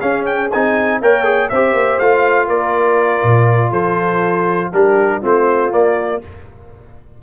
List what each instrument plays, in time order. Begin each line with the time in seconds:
0.00 trombone C#4, tuba C#4, horn G#4, trumpet F5
0.26 trumpet G5
0.52 tuba C4, trombone D#4, trumpet G#5
1.01 tuba A#3, trombone A#4, horn C#5, trumpet G5
1.24 trombone G#4
1.49 tuba C4, trombone G4, horn C5, trumpet E5
1.73 tuba A#3
1.99 tuba A3, trombone F4, trumpet F5
2.48 tuba A#3, horn A#4, trumpet D5
3.23 tuba A#2
3.71 tuba F3, horn A4, trumpet C5
4.73 tuba G3, trombone D4, horn G4, trumpet A#4
5.21 tuba A3, trombone C4, horn F4, trumpet C5
5.71 trombone A#3, tuba A#3, trumpet D5